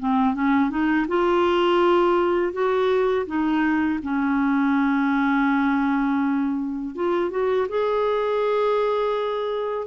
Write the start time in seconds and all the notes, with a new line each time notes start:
0.00 C4
0.35 C#4
0.70 D#4
1.08 F4
2.53 F#4
3.27 D#4
4.03 C#4
6.95 F4
7.31 F#4
7.69 G#4